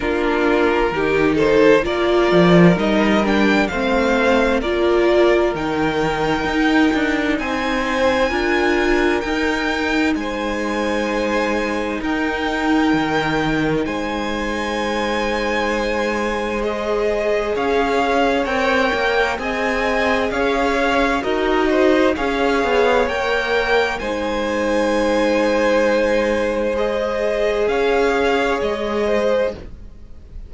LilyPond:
<<
  \new Staff \with { instrumentName = "violin" } { \time 4/4 \tempo 4 = 65 ais'4. c''8 d''4 dis''8 g''8 | f''4 d''4 g''2 | gis''2 g''4 gis''4~ | gis''4 g''2 gis''4~ |
gis''2 dis''4 f''4 | g''4 gis''4 f''4 dis''4 | f''4 g''4 gis''2~ | gis''4 dis''4 f''4 dis''4 | }
  \new Staff \with { instrumentName = "violin" } { \time 4/4 f'4 g'8 a'8 ais'2 | c''4 ais'2. | c''4 ais'2 c''4~ | c''4 ais'2 c''4~ |
c''2. cis''4~ | cis''4 dis''4 cis''4 ais'8 c''8 | cis''2 c''2~ | c''2 cis''4. c''8 | }
  \new Staff \with { instrumentName = "viola" } { \time 4/4 d'4 dis'4 f'4 dis'8 d'8 | c'4 f'4 dis'2~ | dis'4 f'4 dis'2~ | dis'1~ |
dis'2 gis'2 | ais'4 gis'2 fis'4 | gis'4 ais'4 dis'2~ | dis'4 gis'2. | }
  \new Staff \with { instrumentName = "cello" } { \time 4/4 ais4 dis4 ais8 f8 g4 | a4 ais4 dis4 dis'8 d'8 | c'4 d'4 dis'4 gis4~ | gis4 dis'4 dis4 gis4~ |
gis2. cis'4 | c'8 ais8 c'4 cis'4 dis'4 | cis'8 b8 ais4 gis2~ | gis2 cis'4 gis4 | }
>>